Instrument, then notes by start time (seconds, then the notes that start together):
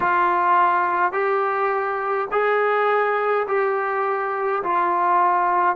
trombone
0.00 F4
1.12 G4
2.31 G#4
3.47 G4
4.63 F4